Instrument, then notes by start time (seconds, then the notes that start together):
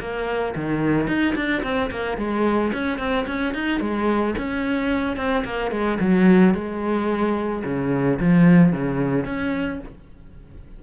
cello
0.00 A#3
0.55 D#3
1.07 D#4
1.35 D4
1.63 C4
1.91 A#3
2.17 G#3
2.73 C#4
2.99 C4
3.27 C#4
3.54 D#4
3.80 G#3
4.38 C#4
5.16 C4
5.45 A#3
5.71 G#3
6.00 F#3
6.54 G#3
7.64 C#3
8.19 F3
8.73 C#3
9.25 C#4